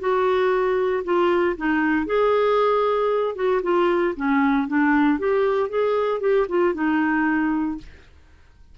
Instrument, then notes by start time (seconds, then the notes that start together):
clarinet
0.00 F#4
1.05 F4
1.57 D#4
2.06 G#4
3.36 F#4
3.63 F4
4.17 C#4
4.68 D4
5.19 G4
5.70 G#4
6.21 G4
6.49 F4
6.75 D#4